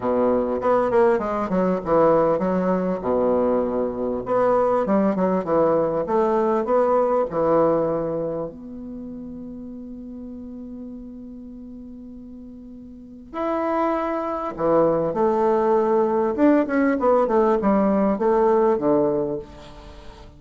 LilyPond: \new Staff \with { instrumentName = "bassoon" } { \time 4/4 \tempo 4 = 99 b,4 b8 ais8 gis8 fis8 e4 | fis4 b,2 b4 | g8 fis8 e4 a4 b4 | e2 b2~ |
b1~ | b2 e'2 | e4 a2 d'8 cis'8 | b8 a8 g4 a4 d4 | }